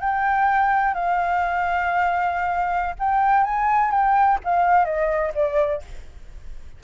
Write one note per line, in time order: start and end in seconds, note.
0.00 0.94 G5
0.94 2.95 F5
2.99 3.43 G5
3.43 3.91 G#5
3.91 4.38 G5
4.44 4.85 F5
4.85 5.32 D#5
5.34 5.81 D5